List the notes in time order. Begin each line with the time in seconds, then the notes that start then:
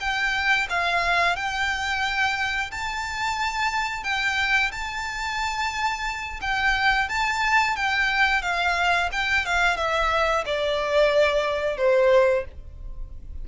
0.00 G5
0.70 F5
1.36 G5
2.71 A5
4.04 G5
4.72 A5
6.41 G5
7.09 A5
7.76 G5
8.42 F5
9.12 G5
9.46 F5
9.77 E5
10.46 D5
11.77 C5